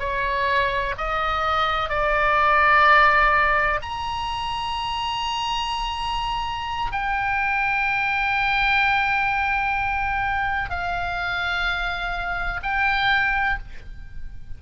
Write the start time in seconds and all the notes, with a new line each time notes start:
0.00 C#5
0.98 D#5
1.90 D5
3.82 A#5
6.92 G5
10.71 F5
12.63 G5